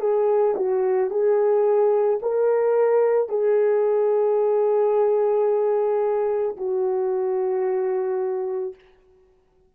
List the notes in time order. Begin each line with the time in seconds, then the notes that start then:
0.00 G#4
0.56 F#4
1.10 G#4
2.22 A#4
3.29 G#4
6.57 F#4